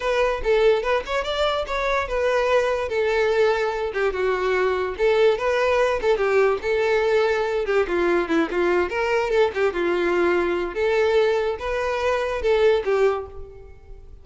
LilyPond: \new Staff \with { instrumentName = "violin" } { \time 4/4 \tempo 4 = 145 b'4 a'4 b'8 cis''8 d''4 | cis''4 b'2 a'4~ | a'4. g'8 fis'2 | a'4 b'4. a'8 g'4 |
a'2~ a'8 g'8 f'4 | e'8 f'4 ais'4 a'8 g'8 f'8~ | f'2 a'2 | b'2 a'4 g'4 | }